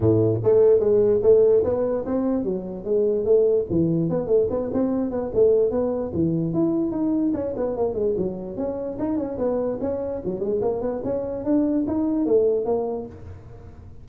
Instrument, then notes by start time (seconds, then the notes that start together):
tuba
0.00 A2
0.43 A3
0.79 G#3
1.22 A3
1.63 B3
2.05 C4
2.44 F#3
2.84 G#3
3.24 A3
3.69 E3
4.09 B3
4.27 A3
4.50 B3
4.73 C4
5.10 B3
5.34 A3
5.70 B3
6.13 E3
6.53 E4
6.91 D#4
7.34 C#4
7.56 B3
7.76 A#3
7.94 G#3
8.17 F#3
8.56 C#4
8.99 D#4
9.17 C#4
9.37 B3
9.81 C#4
10.24 F#3
10.40 G#3
10.61 A#3
10.81 B3
11.04 C#4
11.44 D4
11.87 D#4
12.25 A3
12.65 A#3